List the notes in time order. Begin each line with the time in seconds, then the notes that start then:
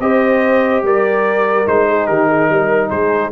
0.00 C4 G4 C5 D#5
0.82 G3 A#4 D5
1.65 G#3 D#4 C5
1.88 G#4
2.06 D#3 G4 A#4
2.27 G#4
2.49 G3 A#4
2.89 G#3 G#4 C5